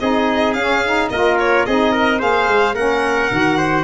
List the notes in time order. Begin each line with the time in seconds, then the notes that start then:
0.00 C4 D#4 G#4 D#5
0.53 C#4 F5
0.85 D#4
1.09 A#3 F4 A#4 D#5
1.39 C#5
1.66 C4 D#4 G#4 D#5
1.92 A#4
2.18 A#3 G#4 C5 F5
2.48 G#3
2.74 A#3 C#4 A#4 F#5
3.31 D#3 F#4
3.57 C5